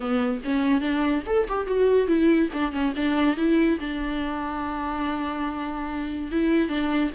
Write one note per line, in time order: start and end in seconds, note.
0.00 0.41 B3
0.44 0.80 C#4
0.80 1.22 D4
1.26 1.47 A4
1.48 1.66 G4
1.66 2.07 F#4
2.07 2.49 E4
2.53 2.72 D4
2.72 2.93 C#4
2.96 3.36 D4
3.36 3.78 E4
3.80 6.31 D4
6.31 6.68 E4
6.68 7.10 D4